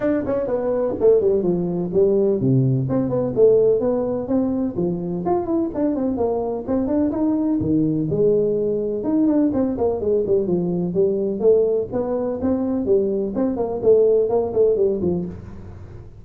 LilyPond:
\new Staff \with { instrumentName = "tuba" } { \time 4/4 \tempo 4 = 126 d'8 cis'8 b4 a8 g8 f4 | g4 c4 c'8 b8 a4 | b4 c'4 f4 f'8 e'8 | d'8 c'8 ais4 c'8 d'8 dis'4 |
dis4 gis2 dis'8 d'8 | c'8 ais8 gis8 g8 f4 g4 | a4 b4 c'4 g4 | c'8 ais8 a4 ais8 a8 g8 f8 | }